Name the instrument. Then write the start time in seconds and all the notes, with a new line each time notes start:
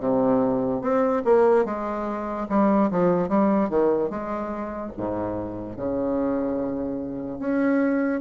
bassoon
0.00 C3
0.82 C4
1.25 A#3
1.65 G#3
2.49 G3
2.91 F3
3.29 G3
3.69 D#3
4.10 G#3
4.97 G#2
5.76 C#3
7.39 C#4